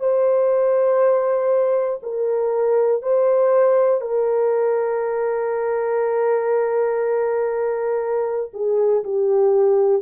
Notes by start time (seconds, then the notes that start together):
0.00 C5
2.03 A#4
3.02 C5
4.01 A#4
8.53 G#4
9.04 G4